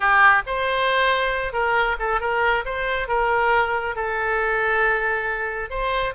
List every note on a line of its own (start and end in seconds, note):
0.00 0.42 G4
0.46 1.52 C5
1.52 1.96 A#4
1.99 2.20 A4
2.20 2.64 A#4
2.65 3.08 C5
3.08 3.95 A#4
3.95 5.70 A4
5.70 6.14 C5